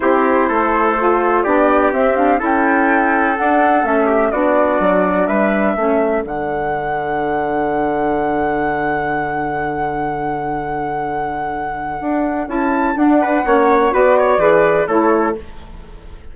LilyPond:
<<
  \new Staff \with { instrumentName = "flute" } { \time 4/4 \tempo 4 = 125 c''2. d''4 | e''8 f''8 g''2 fis''4 | e''4 d''2 e''4~ | e''4 fis''2.~ |
fis''1~ | fis''1~ | fis''2 a''4 fis''4~ | fis''4 d''2 cis''4 | }
  \new Staff \with { instrumentName = "trumpet" } { \time 4/4 g'4 a'2 g'4~ | g'4 a'2.~ | a'8 g'8 fis'2 b'4 | a'1~ |
a'1~ | a'1~ | a'2.~ a'8 b'8 | cis''4 b'8 cis''8 b'4 a'4 | }
  \new Staff \with { instrumentName = "saxophone" } { \time 4/4 e'2 f'4 d'4 | c'8 d'8 e'2 d'4 | cis'4 d'2. | cis'4 d'2.~ |
d'1~ | d'1~ | d'2 e'4 d'4 | cis'4 fis'4 gis'4 e'4 | }
  \new Staff \with { instrumentName = "bassoon" } { \time 4/4 c'4 a2 b4 | c'4 cis'2 d'4 | a4 b4 fis4 g4 | a4 d2.~ |
d1~ | d1~ | d4 d'4 cis'4 d'4 | ais4 b4 e4 a4 | }
>>